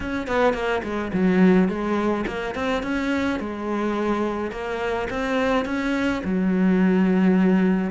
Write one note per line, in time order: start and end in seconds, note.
0.00 0.27 C#4
0.27 0.53 B3
0.53 0.82 A#3
0.83 1.11 G#3
1.13 1.68 F#3
1.68 2.25 G#3
2.26 2.54 A#3
2.54 2.83 C4
2.83 3.39 C#4
3.39 4.51 G#3
4.51 5.07 A#3
5.10 5.65 C4
5.65 6.21 C#4
6.24 7.90 F#3